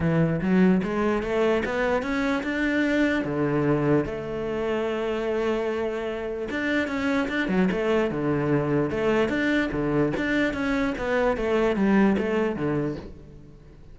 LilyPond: \new Staff \with { instrumentName = "cello" } { \time 4/4 \tempo 4 = 148 e4 fis4 gis4 a4 | b4 cis'4 d'2 | d2 a2~ | a1 |
d'4 cis'4 d'8 fis8 a4 | d2 a4 d'4 | d4 d'4 cis'4 b4 | a4 g4 a4 d4 | }